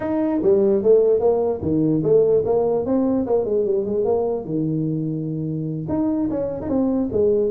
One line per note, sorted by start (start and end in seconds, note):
0.00 0.40 D#4
0.42 0.82 G3
0.82 1.20 A3
1.20 1.60 A#3
1.61 2.02 D#3
2.03 2.43 A3
2.45 2.85 A#3
2.85 3.26 C4
3.26 3.44 A#3
3.44 3.65 G#3
3.65 3.85 G3
3.85 4.04 G#3
4.04 4.44 A#3
4.44 5.86 D#3
5.89 6.29 D#4
6.30 6.61 C#4
6.61 6.68 D#4
6.68 7.09 C4
7.11 7.50 G#3